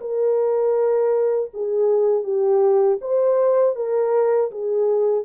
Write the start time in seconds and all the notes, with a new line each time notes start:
0.00 A#4
1.53 G#4
2.23 G4
3.01 C5
3.75 A#4
4.51 G#4